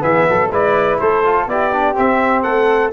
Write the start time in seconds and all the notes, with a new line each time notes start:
0.00 E3 B3 G#4 E5
0.30 F#3 A4
0.50 G#3 E4 B4 D5
1.00 A3 A4 C5
1.24 F4
1.47 B3 E4 G4 D5
1.73 D4
1.95 C4 E5
2.43 A3 A4 F#5